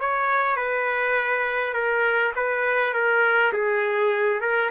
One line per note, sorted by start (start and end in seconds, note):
0.00 0.57 C#5
0.57 1.74 B4
1.74 2.33 A#4
2.36 2.94 B4
2.94 3.53 A#4
3.53 4.41 G#4
4.41 4.70 A#4